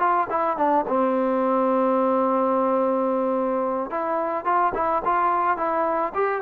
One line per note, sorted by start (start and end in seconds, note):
0.00 0.28 F4
0.30 0.58 E4
0.58 0.86 D4
0.88 3.91 C4
3.91 4.45 E4
4.45 4.73 F4
4.75 5.03 E4
5.05 5.58 F4
5.58 6.13 E4
6.15 6.42 G4